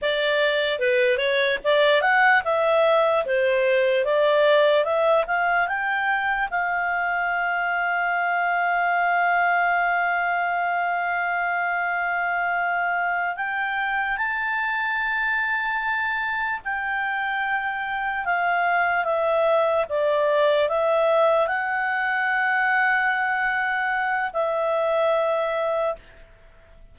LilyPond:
\new Staff \with { instrumentName = "clarinet" } { \time 4/4 \tempo 4 = 74 d''4 b'8 cis''8 d''8 fis''8 e''4 | c''4 d''4 e''8 f''8 g''4 | f''1~ | f''1~ |
f''8 g''4 a''2~ a''8~ | a''8 g''2 f''4 e''8~ | e''8 d''4 e''4 fis''4.~ | fis''2 e''2 | }